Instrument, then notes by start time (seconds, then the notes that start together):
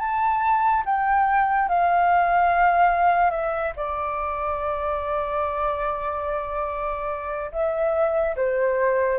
flute
0.00 A5
0.86 G5
1.69 F5
3.31 E5
3.77 D5
7.52 E5
8.37 C5